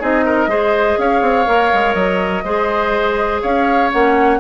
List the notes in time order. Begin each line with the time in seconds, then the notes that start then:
0.00 C4 D#4 G#4 D#5
0.26 A#4
0.47 G#3 G#4 C5
0.98 C#4 C#5 F5
1.22 C4
1.47 A#3 A#4
1.73 G#3
1.94 F#3 D#5
2.44 G#3 G#4 C5
3.42 C#4 C#5 F5
3.92 A#3 C#4 F#5